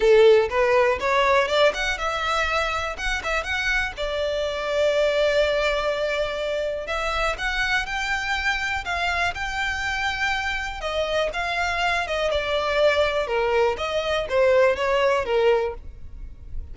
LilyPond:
\new Staff \with { instrumentName = "violin" } { \time 4/4 \tempo 4 = 122 a'4 b'4 cis''4 d''8 fis''8 | e''2 fis''8 e''8 fis''4 | d''1~ | d''2 e''4 fis''4 |
g''2 f''4 g''4~ | g''2 dis''4 f''4~ | f''8 dis''8 d''2 ais'4 | dis''4 c''4 cis''4 ais'4 | }